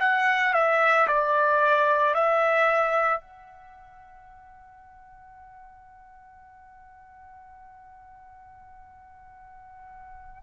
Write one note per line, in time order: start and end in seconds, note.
0.00 0.54 F#5
0.54 1.07 E5
1.08 2.15 D5
2.15 3.21 E5
3.21 10.44 F#5